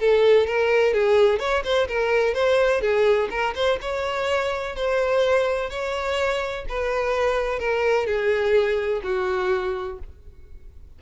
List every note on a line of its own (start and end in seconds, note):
0.00 0.47 A4
0.47 0.94 A#4
0.94 1.40 G#4
1.40 1.64 C#5
1.64 1.88 C5
1.89 2.35 A#4
2.35 2.82 C5
2.82 3.29 G#4
3.31 3.55 A#4
3.56 3.79 C5
3.82 4.76 C#5
4.76 5.71 C5
5.71 6.66 C#5
6.69 7.60 B4
7.60 8.07 A#4
8.07 9.02 G#4
9.04 9.99 F#4